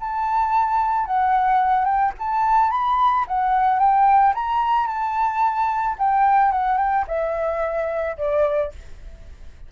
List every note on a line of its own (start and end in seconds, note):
0.00 1.06 A5
1.06 1.85 F#5
1.85 2.12 G5
2.18 2.70 A5
2.70 3.25 B5
3.28 3.79 F#5
3.79 4.34 G5
4.34 4.87 A#5
4.87 5.96 A5
5.98 6.52 G5
6.52 6.77 F#5
6.77 7.05 G5
7.08 8.17 E5
8.17 8.72 D5